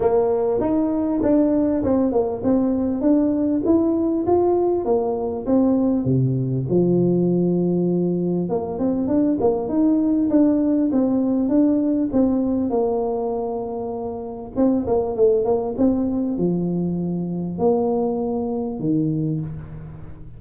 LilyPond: \new Staff \with { instrumentName = "tuba" } { \time 4/4 \tempo 4 = 99 ais4 dis'4 d'4 c'8 ais8 | c'4 d'4 e'4 f'4 | ais4 c'4 c4 f4~ | f2 ais8 c'8 d'8 ais8 |
dis'4 d'4 c'4 d'4 | c'4 ais2. | c'8 ais8 a8 ais8 c'4 f4~ | f4 ais2 dis4 | }